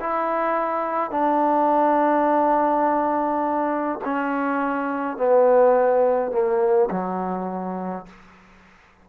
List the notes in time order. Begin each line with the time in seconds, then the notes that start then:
0.00 E4
1.10 D4
4.04 C#4
5.17 B3
6.31 A#3
6.90 F#3